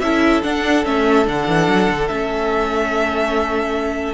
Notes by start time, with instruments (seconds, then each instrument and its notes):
0.00 cello C#4, viola E4, violin A4 E5
0.43 viola D4, cello D4, violin F#5
0.85 cello A3, viola C#4, violin E5
1.25 cello D3, viola D4, violin F#5
1.48 cello E3
1.68 cello F#3
1.89 cello D3
2.08 cello A3, viola C#4, violin E5